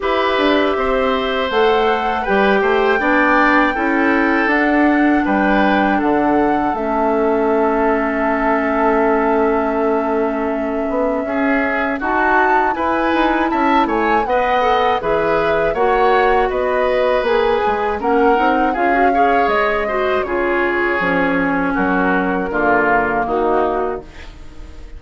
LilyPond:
<<
  \new Staff \with { instrumentName = "flute" } { \time 4/4 \tempo 4 = 80 e''2 fis''4 g''4~ | g''2 fis''4 g''4 | fis''4 e''2.~ | e''1 |
a''4 gis''4 a''8 gis''8 fis''4 | e''4 fis''4 dis''4 gis''4 | fis''4 f''4 dis''4 cis''4~ | cis''4 ais'2 fis'4 | }
  \new Staff \with { instrumentName = "oboe" } { \time 4/4 b'4 c''2 b'8 c''8 | d''4 a'2 b'4 | a'1~ | a'2. gis'4 |
fis'4 b'4 e''8 cis''8 dis''4 | b'4 cis''4 b'2 | ais'4 gis'8 cis''4 c''8 gis'4~ | gis'4 fis'4 f'4 dis'4 | }
  \new Staff \with { instrumentName = "clarinet" } { \time 4/4 g'2 a'4 g'4 | d'4 e'4 d'2~ | d'4 cis'2.~ | cis'1 |
fis'4 e'2 b'8 a'8 | gis'4 fis'2 gis'4 | cis'8 dis'8 f'16 fis'16 gis'4 fis'8 f'4 | cis'2 ais2 | }
  \new Staff \with { instrumentName = "bassoon" } { \time 4/4 e'8 d'8 c'4 a4 g8 a8 | b4 cis'4 d'4 g4 | d4 a2.~ | a2~ a8 b8 cis'4 |
dis'4 e'8 dis'8 cis'8 a8 b4 | e4 ais4 b4 ais8 gis8 | ais8 c'8 cis'4 gis4 cis4 | f4 fis4 d4 dis4 | }
>>